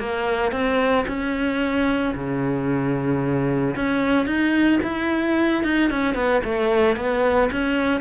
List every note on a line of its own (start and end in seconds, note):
0.00 0.53 A#3
0.53 1.06 C4
1.08 2.15 C#4
2.15 3.76 C#3
3.76 4.27 C#4
4.27 4.80 D#4
4.83 5.64 E4
5.64 5.91 D#4
5.91 6.15 C#4
6.15 6.42 B3
6.45 6.97 A3
6.97 7.50 B3
7.52 8.01 C#4